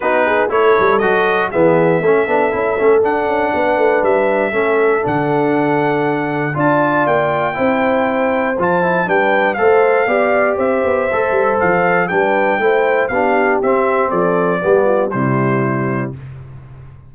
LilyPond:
<<
  \new Staff \with { instrumentName = "trumpet" } { \time 4/4 \tempo 4 = 119 b'4 cis''4 dis''4 e''4~ | e''2 fis''2 | e''2 fis''2~ | fis''4 a''4 g''2~ |
g''4 a''4 g''4 f''4~ | f''4 e''2 f''4 | g''2 f''4 e''4 | d''2 c''2 | }
  \new Staff \with { instrumentName = "horn" } { \time 4/4 fis'8 gis'8 a'2 gis'4 | a'2. b'4~ | b'4 a'2.~ | a'4 d''2 c''4~ |
c''2 b'4 c''4 | d''4 c''2. | b'4 c''4 g'2 | a'4 g'8 f'8 e'2 | }
  \new Staff \with { instrumentName = "trombone" } { \time 4/4 dis'4 e'4 fis'4 b4 | cis'8 d'8 e'8 cis'8 d'2~ | d'4 cis'4 d'2~ | d'4 f'2 e'4~ |
e'4 f'8 e'8 d'4 a'4 | g'2 a'2 | d'4 e'4 d'4 c'4~ | c'4 b4 g2 | }
  \new Staff \with { instrumentName = "tuba" } { \time 4/4 b4 a8 g8 fis4 e4 | a8 b8 cis'8 a8 d'8 cis'8 b8 a8 | g4 a4 d2~ | d4 d'4 ais4 c'4~ |
c'4 f4 g4 a4 | b4 c'8 b8 a8 g8 f4 | g4 a4 b4 c'4 | f4 g4 c2 | }
>>